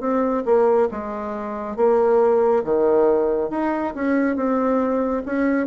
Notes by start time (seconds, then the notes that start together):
0.00 C4
0.45 A#3
0.91 G#3
1.76 A#3
2.64 D#3
3.50 D#4
3.95 C#4
4.36 C4
5.26 C#4